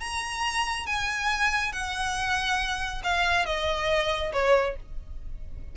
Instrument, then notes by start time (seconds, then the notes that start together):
violin
0.00 A#5
0.87 G#5
1.72 F#5
3.04 F5
3.46 D#5
4.33 C#5